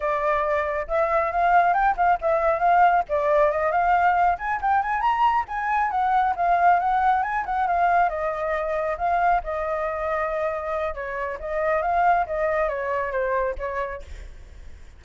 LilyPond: \new Staff \with { instrumentName = "flute" } { \time 4/4 \tempo 4 = 137 d''2 e''4 f''4 | g''8 f''8 e''4 f''4 d''4 | dis''8 f''4. gis''8 g''8 gis''8 ais''8~ | ais''8 gis''4 fis''4 f''4 fis''8~ |
fis''8 gis''8 fis''8 f''4 dis''4.~ | dis''8 f''4 dis''2~ dis''8~ | dis''4 cis''4 dis''4 f''4 | dis''4 cis''4 c''4 cis''4 | }